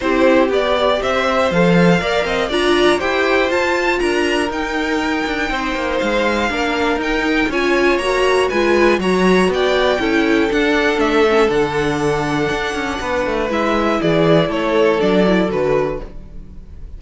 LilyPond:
<<
  \new Staff \with { instrumentName = "violin" } { \time 4/4 \tempo 4 = 120 c''4 d''4 e''4 f''4~ | f''4 ais''4 g''4 a''4 | ais''4 g''2. | f''2 g''4 gis''4 |
ais''4 gis''4 ais''4 g''4~ | g''4 fis''4 e''4 fis''4~ | fis''2. e''4 | d''4 cis''4 d''4 b'4 | }
  \new Staff \with { instrumentName = "violin" } { \time 4/4 g'2 c''2 | d''8 dis''8 d''4 c''2 | ais'2. c''4~ | c''4 ais'2 cis''4~ |
cis''4 b'4 cis''4 d''4 | a'1~ | a'2 b'2 | gis'4 a'2. | }
  \new Staff \with { instrumentName = "viola" } { \time 4/4 e'4 g'2 a'4 | ais'4 f'4 g'4 f'4~ | f'4 dis'2.~ | dis'4 d'4 dis'4 f'4 |
fis'4 f'4 fis'2 | e'4 d'4. cis'8 d'4~ | d'2. e'4~ | e'2 d'8 e'8 fis'4 | }
  \new Staff \with { instrumentName = "cello" } { \time 4/4 c'4 b4 c'4 f4 | ais8 c'8 d'4 e'4 f'4 | d'4 dis'4. d'8 c'8 ais8 | gis4 ais4 dis'4 cis'4 |
ais4 gis4 fis4 b4 | cis'4 d'4 a4 d4~ | d4 d'8 cis'8 b8 a8 gis4 | e4 a4 fis4 d4 | }
>>